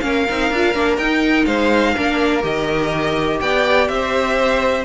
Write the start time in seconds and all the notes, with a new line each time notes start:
0.00 A#3 C#4 A#4 F5
0.29 C4 D#4
0.51 D4 F4
0.74 A#3 D4
0.98 D#4 G5
1.46 G#3 C5 F5
1.94 A#3 D4 A#4
2.41 D#3 G4 D#5
3.40 B3 D5 G5
3.88 C4 C5 E5